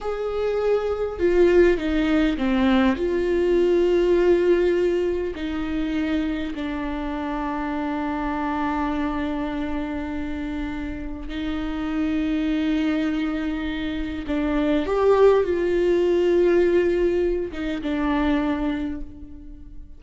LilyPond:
\new Staff \with { instrumentName = "viola" } { \time 4/4 \tempo 4 = 101 gis'2 f'4 dis'4 | c'4 f'2.~ | f'4 dis'2 d'4~ | d'1~ |
d'2. dis'4~ | dis'1 | d'4 g'4 f'2~ | f'4. dis'8 d'2 | }